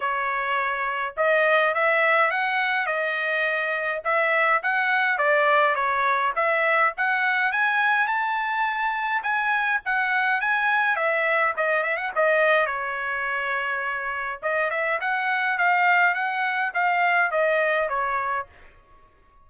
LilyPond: \new Staff \with { instrumentName = "trumpet" } { \time 4/4 \tempo 4 = 104 cis''2 dis''4 e''4 | fis''4 dis''2 e''4 | fis''4 d''4 cis''4 e''4 | fis''4 gis''4 a''2 |
gis''4 fis''4 gis''4 e''4 | dis''8 e''16 fis''16 dis''4 cis''2~ | cis''4 dis''8 e''8 fis''4 f''4 | fis''4 f''4 dis''4 cis''4 | }